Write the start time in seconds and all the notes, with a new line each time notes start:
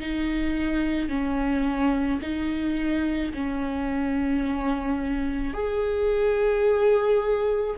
0.00 D#4
1.09 C#4
2.22 D#4
3.33 C#4
5.54 G#4